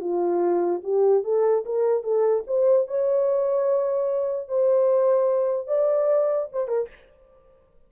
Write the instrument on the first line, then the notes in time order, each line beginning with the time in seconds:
horn
0.00 F4
0.83 G4
1.24 A4
1.65 A#4
2.03 A4
2.47 C5
2.87 C#5
4.48 C5
5.67 D5
6.52 C5
6.68 A#4